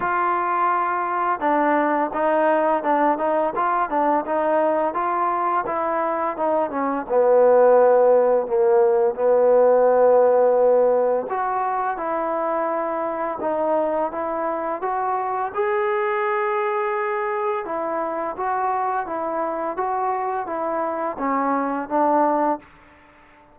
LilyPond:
\new Staff \with { instrumentName = "trombone" } { \time 4/4 \tempo 4 = 85 f'2 d'4 dis'4 | d'8 dis'8 f'8 d'8 dis'4 f'4 | e'4 dis'8 cis'8 b2 | ais4 b2. |
fis'4 e'2 dis'4 | e'4 fis'4 gis'2~ | gis'4 e'4 fis'4 e'4 | fis'4 e'4 cis'4 d'4 | }